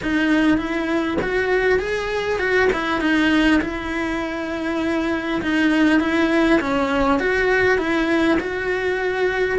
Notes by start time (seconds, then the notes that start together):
0.02 D#4
0.57 E4
1.21 F#4
1.79 G#4
2.39 F#4
2.72 E4
3.00 D#4
3.61 E4
5.42 D#4
6.00 E4
6.60 C#4
7.19 F#4
7.78 E4
8.40 F#4